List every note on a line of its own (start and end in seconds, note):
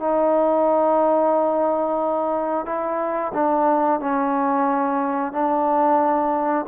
0.00 2.66 D#4
2.66 3.33 E4
3.34 4.01 D4
4.01 5.33 C#4
5.33 6.66 D4